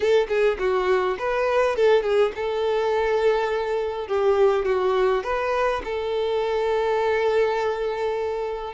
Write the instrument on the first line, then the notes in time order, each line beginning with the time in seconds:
violin
0.00 A4
0.28 G#4
0.58 F#4
1.19 B4
1.76 A4
2.02 G#4
2.35 A4
4.07 G4
4.65 F#4
5.23 B4
5.84 A4